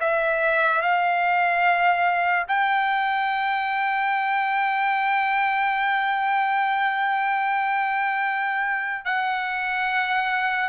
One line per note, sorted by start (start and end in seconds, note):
0.00 0.81 E5
0.81 2.46 F5
2.48 9.05 G5
9.05 10.69 F#5